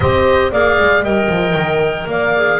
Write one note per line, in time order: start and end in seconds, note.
0.00 0.51 C4
0.00 0.51 G4
0.00 0.51 C5
0.00 0.52 D#5
0.51 0.78 A#3
0.51 1.03 G#4
0.51 1.03 D5
0.51 1.04 F5
0.79 1.02 G#3
1.02 1.28 G3
1.02 2.33 A#4
1.02 2.08 D#5
1.02 2.08 G5
1.28 1.54 F3
1.54 2.06 D#3
2.07 2.59 A#3
2.07 2.60 D5
2.07 2.60 F5
2.35 2.60 G#4